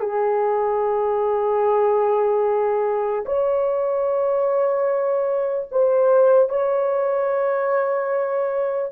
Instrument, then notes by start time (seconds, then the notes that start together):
horn
0.00 G#4
3.25 C#5
5.71 C5
6.49 C#5